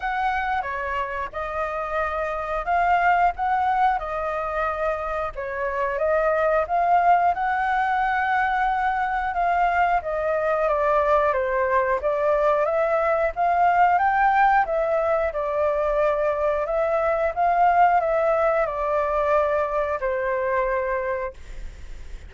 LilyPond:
\new Staff \with { instrumentName = "flute" } { \time 4/4 \tempo 4 = 90 fis''4 cis''4 dis''2 | f''4 fis''4 dis''2 | cis''4 dis''4 f''4 fis''4~ | fis''2 f''4 dis''4 |
d''4 c''4 d''4 e''4 | f''4 g''4 e''4 d''4~ | d''4 e''4 f''4 e''4 | d''2 c''2 | }